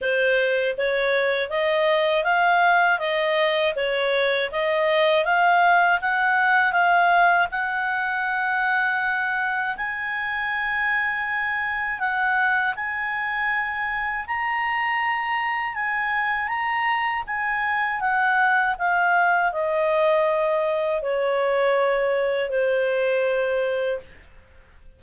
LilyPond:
\new Staff \with { instrumentName = "clarinet" } { \time 4/4 \tempo 4 = 80 c''4 cis''4 dis''4 f''4 | dis''4 cis''4 dis''4 f''4 | fis''4 f''4 fis''2~ | fis''4 gis''2. |
fis''4 gis''2 ais''4~ | ais''4 gis''4 ais''4 gis''4 | fis''4 f''4 dis''2 | cis''2 c''2 | }